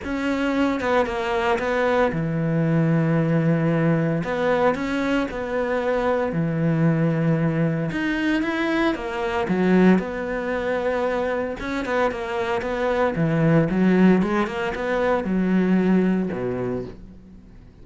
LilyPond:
\new Staff \with { instrumentName = "cello" } { \time 4/4 \tempo 4 = 114 cis'4. b8 ais4 b4 | e1 | b4 cis'4 b2 | e2. dis'4 |
e'4 ais4 fis4 b4~ | b2 cis'8 b8 ais4 | b4 e4 fis4 gis8 ais8 | b4 fis2 b,4 | }